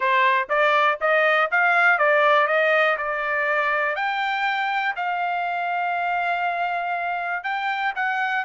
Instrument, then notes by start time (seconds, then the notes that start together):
trumpet
0.00 C5
0.49 D5
1.00 D#5
1.51 F5
1.98 D5
2.47 D#5
2.97 D5
3.95 G5
4.96 F5
7.43 G5
7.95 F#5